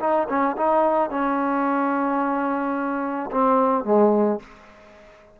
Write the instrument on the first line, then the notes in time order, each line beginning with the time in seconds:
trombone
0.00 D#4
0.29 C#4
0.57 D#4
1.10 C#4
3.31 C4
3.85 G#3